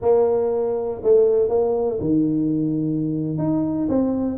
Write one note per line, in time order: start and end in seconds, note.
0.01 1.01 A#3
1.03 1.49 A3
1.49 1.99 A#3
2.00 3.38 D#3
3.38 3.88 D#4
3.89 4.38 C4